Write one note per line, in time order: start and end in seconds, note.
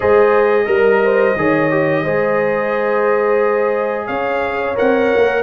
0.00 0.67 G#3
0.00 0.66 G#4
0.00 0.65 C5
0.00 4.07 D#5
0.66 1.35 G3
0.66 1.34 A#4
0.66 1.04 A#4
1.04 1.38 C5
1.36 2.04 D#3
1.36 1.70 G#4
1.36 2.03 C#5
1.70 2.04 G4
2.03 4.08 G#3
2.03 4.75 G#4
2.03 4.06 C5
4.06 4.76 C#4
4.06 5.42 C#5
4.06 4.75 F5
4.75 5.14 C4
4.75 5.42 A#4
4.75 5.42 F#5
5.16 5.42 A#3